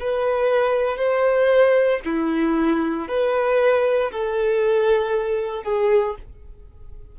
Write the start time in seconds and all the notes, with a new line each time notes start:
0.00 B4
0.97 C5
2.05 E4
3.08 B4
4.12 A4
5.64 G#4